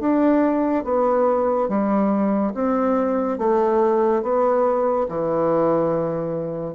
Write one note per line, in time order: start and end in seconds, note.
0.00 0.85 D4
0.85 1.69 B3
1.69 2.54 G3
2.55 3.39 C4
3.39 4.23 A3
4.23 5.07 B3
5.09 6.75 E3